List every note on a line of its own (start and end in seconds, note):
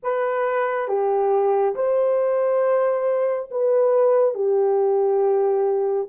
0.02 0.87 B4
0.87 1.74 G4
1.75 3.49 C5
3.51 4.34 B4
4.34 6.08 G4